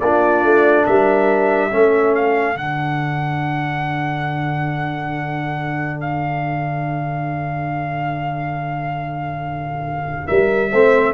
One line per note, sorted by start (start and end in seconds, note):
0.00 0.43 A#3
0.00 1.71 D4
0.00 0.86 F4
0.00 0.86 D5
0.43 0.86 A3
0.86 1.72 G3
0.86 1.71 A#4
0.86 2.15 E5
1.71 2.54 A3
1.71 2.56 C#4
1.71 10.27 A4
2.15 2.57 F5
2.54 10.26 D3
2.54 10.70 D4
2.54 6.00 F#5
6.00 10.27 F5
10.27 10.72 G3
10.27 10.70 A#4
10.27 11.13 E5
10.72 11.14 A3
10.72 11.14 C4
10.72 11.14 C5